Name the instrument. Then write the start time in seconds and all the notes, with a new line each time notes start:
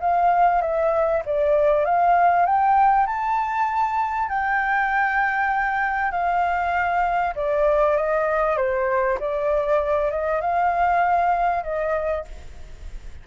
flute
0.00 F5
0.61 E5
1.25 D5
1.85 F5
2.45 G5
3.06 A5
4.29 G5
6.11 F5
7.35 D5
7.96 D#5
8.57 C5
9.20 D5
10.11 D#5
10.41 F5
11.63 D#5